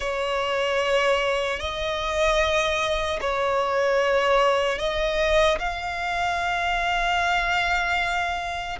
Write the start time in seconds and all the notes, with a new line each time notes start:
0.00 C#5
1.59 D#5
3.20 C#5
4.78 D#5
5.58 F5